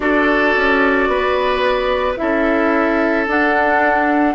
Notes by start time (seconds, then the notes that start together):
0.00 D4 F#4 A4 D5
0.56 C#4
1.08 B3 B4
2.16 C#4 E4 A4 E5
3.27 D4 F#5